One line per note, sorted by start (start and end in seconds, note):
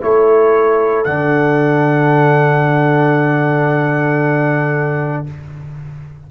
0.00 1.05 A3
0.00 1.05 E4
0.00 5.30 A4
0.00 1.04 C#5
1.04 5.26 D3
1.04 5.26 D4
1.04 5.25 F#5